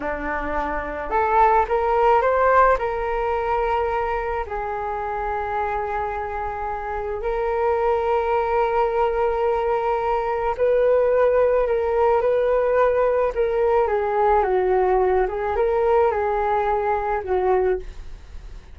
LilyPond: \new Staff \with { instrumentName = "flute" } { \time 4/4 \tempo 4 = 108 d'2 a'4 ais'4 | c''4 ais'2. | gis'1~ | gis'4 ais'2.~ |
ais'2. b'4~ | b'4 ais'4 b'2 | ais'4 gis'4 fis'4. gis'8 | ais'4 gis'2 fis'4 | }